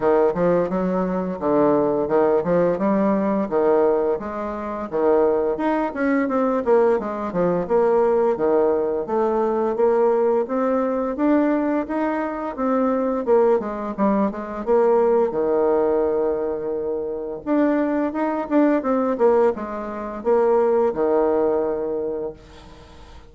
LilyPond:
\new Staff \with { instrumentName = "bassoon" } { \time 4/4 \tempo 4 = 86 dis8 f8 fis4 d4 dis8 f8 | g4 dis4 gis4 dis4 | dis'8 cis'8 c'8 ais8 gis8 f8 ais4 | dis4 a4 ais4 c'4 |
d'4 dis'4 c'4 ais8 gis8 | g8 gis8 ais4 dis2~ | dis4 d'4 dis'8 d'8 c'8 ais8 | gis4 ais4 dis2 | }